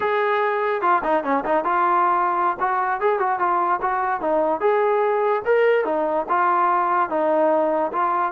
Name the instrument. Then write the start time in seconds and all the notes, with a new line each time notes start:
trombone
0.00 G#4
0.81 F4
1.03 D#4
1.23 C#4
1.45 D#4
1.64 F4
2.59 F#4
3.00 G#4
3.19 F#4
3.39 F4
3.81 F#4
4.20 D#4
4.60 G#4
5.45 A#4
5.84 D#4
6.29 F4
7.09 D#4
7.92 F4